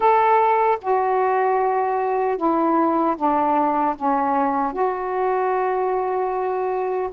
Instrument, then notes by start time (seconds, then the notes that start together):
saxophone
0.00 A4
0.81 F#4
2.37 E4
3.16 D4
3.95 C#4
4.72 F#4